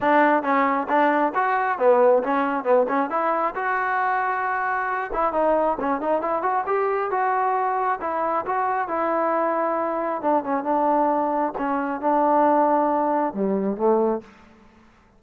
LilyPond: \new Staff \with { instrumentName = "trombone" } { \time 4/4 \tempo 4 = 135 d'4 cis'4 d'4 fis'4 | b4 cis'4 b8 cis'8 e'4 | fis'2.~ fis'8 e'8 | dis'4 cis'8 dis'8 e'8 fis'8 g'4 |
fis'2 e'4 fis'4 | e'2. d'8 cis'8 | d'2 cis'4 d'4~ | d'2 g4 a4 | }